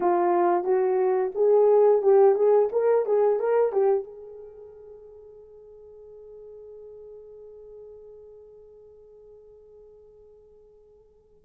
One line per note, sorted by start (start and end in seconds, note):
0.00 0.63 F4
0.63 1.31 F#4
1.35 2.02 G#4
2.02 2.35 G4
2.35 2.68 G#4
2.72 3.05 A#4
3.05 3.39 G#4
3.39 3.72 A#4
3.72 4.03 G4
4.03 11.45 G#4